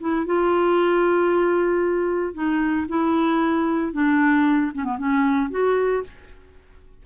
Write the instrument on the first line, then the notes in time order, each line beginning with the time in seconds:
clarinet
0.00 E4
0.26 F4
2.34 D#4
2.89 E4
3.93 D4
4.74 C#4
4.85 B3
4.98 C#4
5.51 F#4